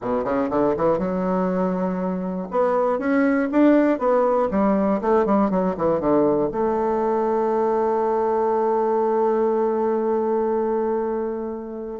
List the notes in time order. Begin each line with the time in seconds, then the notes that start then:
0.01 B2
0.24 C#3
0.50 D3
0.77 E3
0.98 F#3
2.50 B3
2.98 C#4
3.51 D4
3.99 B3
4.50 G3
5.01 A3
5.25 G3
5.50 F#3
5.77 E3
6.00 D3
6.51 A3